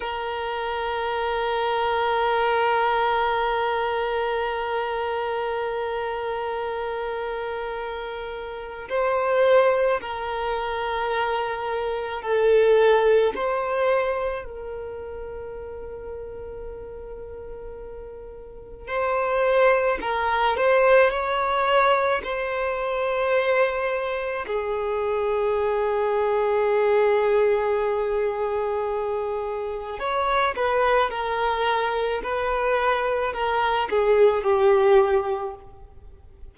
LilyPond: \new Staff \with { instrumentName = "violin" } { \time 4/4 \tempo 4 = 54 ais'1~ | ais'1 | c''4 ais'2 a'4 | c''4 ais'2.~ |
ais'4 c''4 ais'8 c''8 cis''4 | c''2 gis'2~ | gis'2. cis''8 b'8 | ais'4 b'4 ais'8 gis'8 g'4 | }